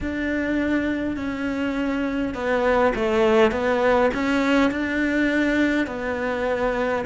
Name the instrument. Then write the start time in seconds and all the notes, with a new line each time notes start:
cello
0.00 D4
1.16 C#4
2.34 B3
2.95 A3
3.51 B3
4.14 C#4
4.71 D4
5.87 B3